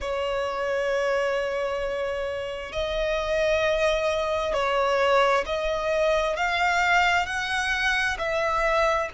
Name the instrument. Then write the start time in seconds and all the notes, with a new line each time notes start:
violin
0.00 C#5
2.72 D#5
4.53 C#5
5.45 D#5
6.36 F5
7.26 F#5
8.18 E5